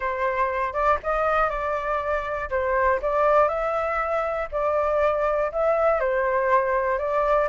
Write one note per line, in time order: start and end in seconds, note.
0.00 0.73 C5
0.73 0.98 D5
1.03 1.49 D#5
1.49 2.49 D5
2.50 3.00 C5
3.02 3.48 D5
3.48 4.48 E5
4.51 5.51 D5
5.51 6.00 E5
6.00 6.98 C5
6.98 7.48 D5